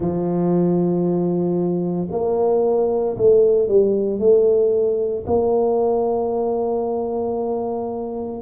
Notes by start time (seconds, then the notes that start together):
0.00 F3
2.11 A#3
3.17 A3
3.67 G3
4.19 A3
5.26 A#3